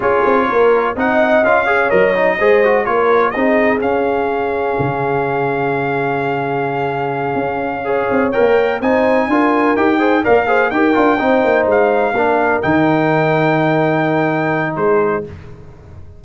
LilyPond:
<<
  \new Staff \with { instrumentName = "trumpet" } { \time 4/4 \tempo 4 = 126 cis''2 fis''4 f''4 | dis''2 cis''4 dis''4 | f''1~ | f''1~ |
f''4. g''4 gis''4.~ | gis''8 g''4 f''4 g''4.~ | g''8 f''2 g''4.~ | g''2. c''4 | }
  \new Staff \with { instrumentName = "horn" } { \time 4/4 gis'4 ais'4 dis''4. cis''8~ | cis''4 c''4 ais'4 gis'4~ | gis'1~ | gis'1~ |
gis'8 cis''2 c''4 ais'8~ | ais'4 c''8 d''8 c''8 ais'4 c''8~ | c''4. ais'2~ ais'8~ | ais'2. gis'4 | }
  \new Staff \with { instrumentName = "trombone" } { \time 4/4 f'2 dis'4 f'8 gis'8 | ais'8 dis'8 gis'8 fis'8 f'4 dis'4 | cis'1~ | cis'1~ |
cis'8 gis'4 ais'4 dis'4 f'8~ | f'8 g'8 gis'8 ais'8 gis'8 g'8 f'8 dis'8~ | dis'4. d'4 dis'4.~ | dis'1 | }
  \new Staff \with { instrumentName = "tuba" } { \time 4/4 cis'8 c'8 ais4 c'4 cis'4 | fis4 gis4 ais4 c'4 | cis'2 cis2~ | cis2.~ cis8 cis'8~ |
cis'4 c'8 ais4 c'4 d'8~ | d'8 dis'4 ais4 dis'8 d'8 c'8 | ais8 gis4 ais4 dis4.~ | dis2. gis4 | }
>>